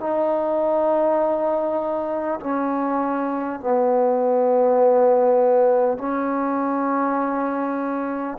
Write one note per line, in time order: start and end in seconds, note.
0.00 2.40 D#4
2.41 3.61 C#4
3.61 5.98 B3
5.98 8.38 C#4